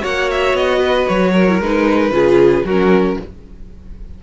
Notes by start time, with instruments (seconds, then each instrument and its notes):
0.00 cello A#3, viola F#4, violin C#5 F#5
0.30 violin E5
0.53 cello B3, violin D#5
0.78 violin B4
1.08 cello F#3, violin C#5
1.32 violin A#4
1.48 viola E4
1.60 cello G#3, viola D#4, violin B4
2.11 cello C#3, viola F4, violin G#4
2.63 cello F#3, violin F#4 A#4
2.70 viola C#4